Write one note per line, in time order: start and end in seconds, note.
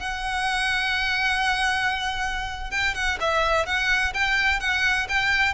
0.00 2.71 F#5
2.71 2.95 G5
2.95 3.18 F#5
3.21 3.66 E5
3.66 4.14 F#5
4.14 4.60 G5
4.60 5.08 F#5
5.09 5.54 G5